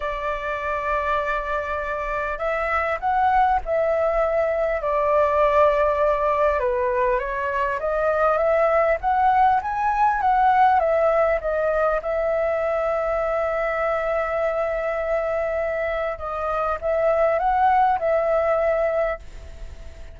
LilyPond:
\new Staff \with { instrumentName = "flute" } { \time 4/4 \tempo 4 = 100 d''1 | e''4 fis''4 e''2 | d''2. b'4 | cis''4 dis''4 e''4 fis''4 |
gis''4 fis''4 e''4 dis''4 | e''1~ | e''2. dis''4 | e''4 fis''4 e''2 | }